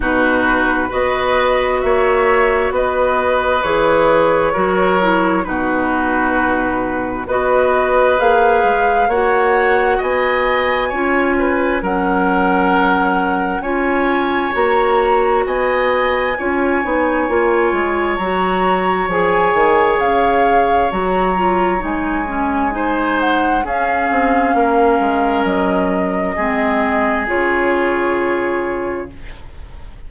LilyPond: <<
  \new Staff \with { instrumentName = "flute" } { \time 4/4 \tempo 4 = 66 b'4 dis''4 e''4 dis''4 | cis''2 b'2 | dis''4 f''4 fis''4 gis''4~ | gis''4 fis''2 gis''4 |
ais''4 gis''2. | ais''4 gis''4 f''4 ais''4 | gis''4. fis''8 f''2 | dis''2 cis''2 | }
  \new Staff \with { instrumentName = "oboe" } { \time 4/4 fis'4 b'4 cis''4 b'4~ | b'4 ais'4 fis'2 | b'2 cis''4 dis''4 | cis''8 b'8 ais'2 cis''4~ |
cis''4 dis''4 cis''2~ | cis''1~ | cis''4 c''4 gis'4 ais'4~ | ais'4 gis'2. | }
  \new Staff \with { instrumentName = "clarinet" } { \time 4/4 dis'4 fis'2. | gis'4 fis'8 e'8 dis'2 | fis'4 gis'4 fis'2 | f'4 cis'2 f'4 |
fis'2 f'8 dis'8 f'4 | fis'4 gis'2 fis'8 f'8 | dis'8 cis'8 dis'4 cis'2~ | cis'4 c'4 f'2 | }
  \new Staff \with { instrumentName = "bassoon" } { \time 4/4 b,4 b4 ais4 b4 | e4 fis4 b,2 | b4 ais8 gis8 ais4 b4 | cis'4 fis2 cis'4 |
ais4 b4 cis'8 b8 ais8 gis8 | fis4 f8 dis8 cis4 fis4 | gis2 cis'8 c'8 ais8 gis8 | fis4 gis4 cis2 | }
>>